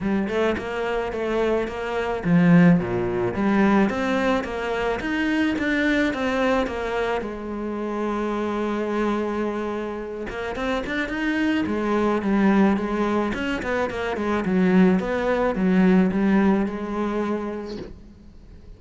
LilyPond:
\new Staff \with { instrumentName = "cello" } { \time 4/4 \tempo 4 = 108 g8 a8 ais4 a4 ais4 | f4 ais,4 g4 c'4 | ais4 dis'4 d'4 c'4 | ais4 gis2.~ |
gis2~ gis8 ais8 c'8 d'8 | dis'4 gis4 g4 gis4 | cis'8 b8 ais8 gis8 fis4 b4 | fis4 g4 gis2 | }